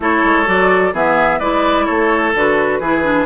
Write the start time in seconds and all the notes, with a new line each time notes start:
0.00 A3 E4 A4 C#5
0.24 G#3
0.45 F#3 F#4 D5
0.92 E3 B3 G#4 E5
1.39 G#3 E4 B4 D5
1.85 A3 A4 C#5
2.34 D3 F#4 B4
2.79 E3 E4 G#4
3.03 D4